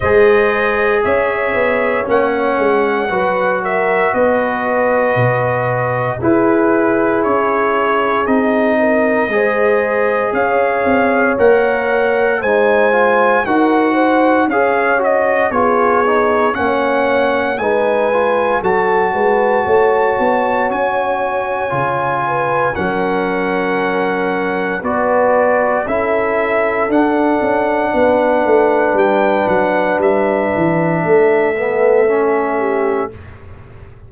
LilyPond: <<
  \new Staff \with { instrumentName = "trumpet" } { \time 4/4 \tempo 4 = 58 dis''4 e''4 fis''4. e''8 | dis''2 b'4 cis''4 | dis''2 f''4 fis''4 | gis''4 fis''4 f''8 dis''8 cis''4 |
fis''4 gis''4 a''2 | gis''2 fis''2 | d''4 e''4 fis''2 | g''8 fis''8 e''2. | }
  \new Staff \with { instrumentName = "horn" } { \time 4/4 c''4 cis''2 b'8 ais'8 | b'2 gis'2~ | gis'8 ais'8 c''4 cis''2 | c''4 ais'8 c''8 cis''4 gis'4 |
cis''4 b'4 a'8 b'8 cis''4~ | cis''4. b'8 ais'2 | b'4 a'2 b'4~ | b'2 a'4. g'8 | }
  \new Staff \with { instrumentName = "trombone" } { \time 4/4 gis'2 cis'4 fis'4~ | fis'2 e'2 | dis'4 gis'2 ais'4 | dis'8 f'8 fis'4 gis'8 fis'8 f'8 dis'8 |
cis'4 dis'8 f'8 fis'2~ | fis'4 f'4 cis'2 | fis'4 e'4 d'2~ | d'2~ d'8 b8 cis'4 | }
  \new Staff \with { instrumentName = "tuba" } { \time 4/4 gis4 cis'8 b8 ais8 gis8 fis4 | b4 b,4 e'4 cis'4 | c'4 gis4 cis'8 c'8 ais4 | gis4 dis'4 cis'4 b4 |
ais4 gis4 fis8 gis8 a8 b8 | cis'4 cis4 fis2 | b4 cis'4 d'8 cis'8 b8 a8 | g8 fis8 g8 e8 a2 | }
>>